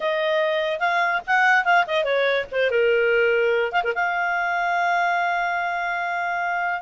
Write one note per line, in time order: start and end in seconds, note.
0.00 0.79 D#5
0.79 1.21 F5
1.26 1.64 F#5
1.64 1.85 F5
1.86 2.04 D#5
2.04 2.45 C#5
2.51 2.70 C5
2.70 3.71 A#4
3.71 3.82 F5
3.83 3.93 A#4
3.94 6.81 F5